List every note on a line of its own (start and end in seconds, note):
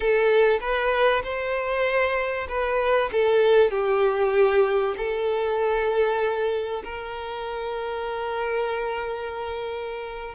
0.00 0.59 A4
0.60 1.22 B4
1.23 2.47 C5
2.48 3.10 B4
3.12 3.71 A4
3.71 4.94 G4
4.97 6.82 A4
6.84 10.34 A#4